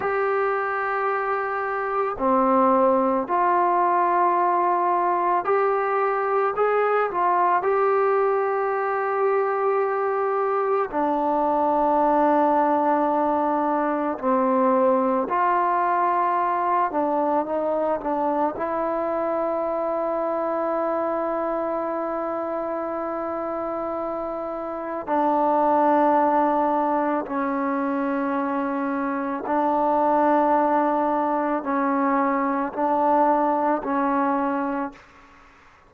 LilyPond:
\new Staff \with { instrumentName = "trombone" } { \time 4/4 \tempo 4 = 55 g'2 c'4 f'4~ | f'4 g'4 gis'8 f'8 g'4~ | g'2 d'2~ | d'4 c'4 f'4. d'8 |
dis'8 d'8 e'2.~ | e'2. d'4~ | d'4 cis'2 d'4~ | d'4 cis'4 d'4 cis'4 | }